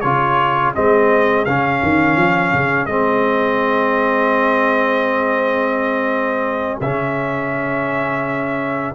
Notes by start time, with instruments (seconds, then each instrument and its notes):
0.00 tuba C#3, trombone F4, horn G#4, trumpet C#5
0.75 tuba G#3, trombone C4, trumpet D#5
1.44 tuba C#3, trombone C#4, trumpet F5
1.83 tuba D#3
2.16 tuba F3
2.53 tuba C#3
2.85 tuba G#3, trombone C4, trumpet D#5
6.80 tuba C#3, trombone C#4, trumpet E5